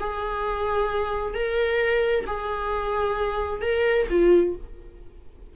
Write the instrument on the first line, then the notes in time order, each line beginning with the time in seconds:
viola
0.00 G#4
1.35 A#4
2.27 G#4
3.62 A#4
4.10 F4